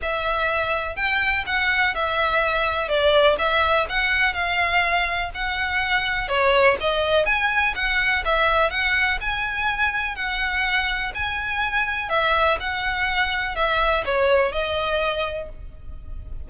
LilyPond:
\new Staff \with { instrumentName = "violin" } { \time 4/4 \tempo 4 = 124 e''2 g''4 fis''4 | e''2 d''4 e''4 | fis''4 f''2 fis''4~ | fis''4 cis''4 dis''4 gis''4 |
fis''4 e''4 fis''4 gis''4~ | gis''4 fis''2 gis''4~ | gis''4 e''4 fis''2 | e''4 cis''4 dis''2 | }